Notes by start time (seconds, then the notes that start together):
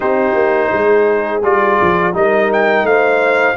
0.00 C4 D#4 G4 C5
0.34 A#3
0.72 G#3 G#4
1.43 G3 F4 D5
1.81 F3
2.13 G3 D#4 A#4 D#5
2.52 G5
2.83 A3 C5 F5